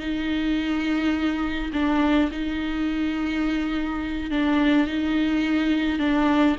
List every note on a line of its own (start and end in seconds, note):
0.00 1.71 D#4
1.73 2.30 D4
2.32 4.31 D#4
4.31 4.88 D4
4.88 5.99 D#4
5.99 6.57 D4